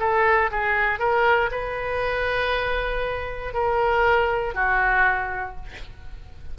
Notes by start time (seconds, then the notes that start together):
0.00 A4
0.51 G#4
0.99 A#4
1.52 B4
3.54 A#4
4.55 F#4